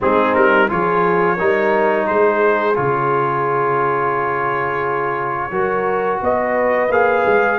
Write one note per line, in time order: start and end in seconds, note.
0.00 0.36 G#3
0.00 0.68 C4
0.00 0.70 D#4
0.00 0.34 G#4
0.34 0.70 G3
0.34 0.69 A#4
0.68 1.39 F3
0.68 1.37 F4
0.68 1.35 G#4
0.68 2.06 C#5
1.35 2.08 G3
1.35 2.75 D#4
1.35 2.04 A#4
2.05 2.77 G#3
2.05 5.50 G#4
2.05 2.75 C5
2.75 5.51 C#3
2.75 5.50 F4
2.75 6.20 C#5
5.51 6.20 F#3
5.51 6.89 F#4
5.51 6.20 A#4
6.21 6.89 B3
6.21 7.58 B4
6.21 6.92 D#5
6.89 7.23 A#3
6.89 7.58 G#4
6.89 7.58 F5
7.26 7.58 G#3